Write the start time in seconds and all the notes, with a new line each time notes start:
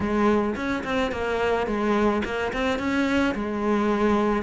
0.00 G#3
0.55 C#4
0.83 C4
1.11 A#3
1.66 G#3
2.24 A#3
2.53 C4
2.78 C#4
3.34 G#3